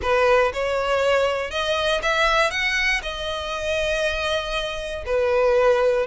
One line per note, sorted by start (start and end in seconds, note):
0.01 0.52 B4
0.53 1.51 C#5
1.51 2.01 D#5
2.02 2.50 E5
2.50 3.01 F#5
3.02 5.04 D#5
5.06 6.06 B4